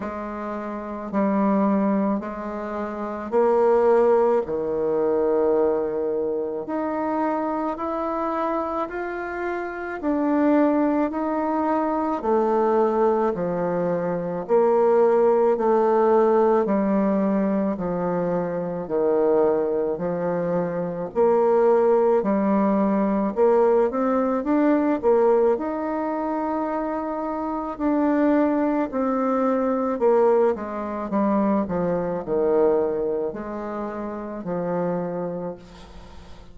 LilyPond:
\new Staff \with { instrumentName = "bassoon" } { \time 4/4 \tempo 4 = 54 gis4 g4 gis4 ais4 | dis2 dis'4 e'4 | f'4 d'4 dis'4 a4 | f4 ais4 a4 g4 |
f4 dis4 f4 ais4 | g4 ais8 c'8 d'8 ais8 dis'4~ | dis'4 d'4 c'4 ais8 gis8 | g8 f8 dis4 gis4 f4 | }